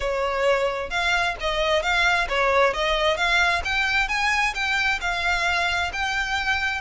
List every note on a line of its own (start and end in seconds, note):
0.00 0.90 C#5
0.90 1.35 F5
1.40 1.82 D#5
1.82 2.27 F5
2.28 2.73 C#5
2.73 3.16 D#5
3.16 3.62 F5
3.64 4.08 G5
4.08 4.53 G#5
4.54 4.99 G5
5.00 5.91 F5
5.92 6.81 G5